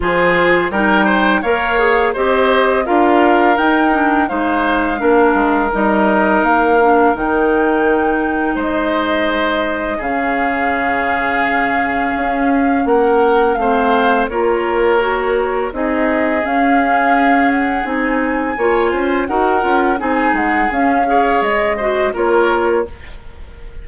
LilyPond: <<
  \new Staff \with { instrumentName = "flute" } { \time 4/4 \tempo 4 = 84 c''4 g''4 f''4 dis''4 | f''4 g''4 f''2 | dis''4 f''4 g''2 | dis''2 f''2~ |
f''2 fis''4 f''4 | cis''2 dis''4 f''4~ | f''8 fis''8 gis''2 fis''4 | gis''8 fis''8 f''4 dis''4 cis''4 | }
  \new Staff \with { instrumentName = "oboe" } { \time 4/4 gis'4 ais'8 c''8 cis''4 c''4 | ais'2 c''4 ais'4~ | ais'1 | c''2 gis'2~ |
gis'2 ais'4 c''4 | ais'2 gis'2~ | gis'2 cis''8 c''8 ais'4 | gis'4. cis''4 c''8 ais'4 | }
  \new Staff \with { instrumentName = "clarinet" } { \time 4/4 f'4 dis'4 ais'8 gis'8 g'4 | f'4 dis'8 d'8 dis'4 d'4 | dis'4. d'8 dis'2~ | dis'2 cis'2~ |
cis'2. c'4 | f'4 fis'4 dis'4 cis'4~ | cis'4 dis'4 f'4 fis'8 f'8 | dis'4 cis'8 gis'4 fis'8 f'4 | }
  \new Staff \with { instrumentName = "bassoon" } { \time 4/4 f4 g4 ais4 c'4 | d'4 dis'4 gis4 ais8 gis8 | g4 ais4 dis2 | gis2 cis2~ |
cis4 cis'4 ais4 a4 | ais2 c'4 cis'4~ | cis'4 c'4 ais8 cis'8 dis'8 cis'8 | c'8 gis8 cis'4 gis4 ais4 | }
>>